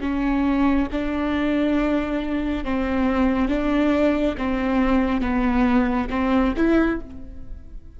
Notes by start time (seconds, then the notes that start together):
0.00 C#4
0.91 D4
2.64 C4
3.48 D4
4.37 C4
5.21 B3
6.09 C4
6.57 E4